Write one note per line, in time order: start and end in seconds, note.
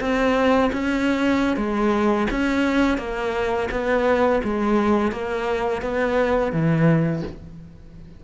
0.00 0.71 C4
0.73 1.57 C#4
1.57 2.27 G#3
2.30 2.98 C#4
2.98 3.68 A#3
3.71 4.41 B3
4.44 5.12 G#3
5.12 5.82 A#3
5.82 6.52 B3
6.52 7.23 E3